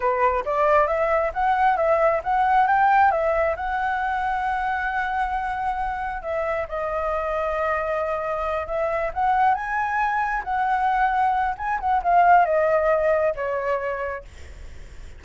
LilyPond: \new Staff \with { instrumentName = "flute" } { \time 4/4 \tempo 4 = 135 b'4 d''4 e''4 fis''4 | e''4 fis''4 g''4 e''4 | fis''1~ | fis''2 e''4 dis''4~ |
dis''2.~ dis''8 e''8~ | e''8 fis''4 gis''2 fis''8~ | fis''2 gis''8 fis''8 f''4 | dis''2 cis''2 | }